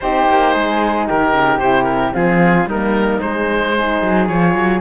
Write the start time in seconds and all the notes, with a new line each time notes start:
0.00 C4 D#4 G4 C5
0.28 A#3
0.53 G#3 G#4
1.07 D#3 G4 A#4
1.33 C#3
1.57 C3 E4 C5
1.83 A#4
2.12 F3 C4 F4 G#4
2.65 G3 A#3 D#4 A#4
3.20 G#3 C5
3.77 D#4 G#4
4.02 F#3
4.27 F3 F4 C#5
4.54 F#3